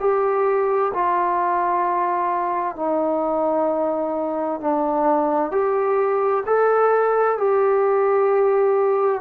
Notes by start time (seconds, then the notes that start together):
0.00 G4
0.94 F4
2.76 D#4
4.61 D4
5.51 G4
6.46 A4
7.38 G4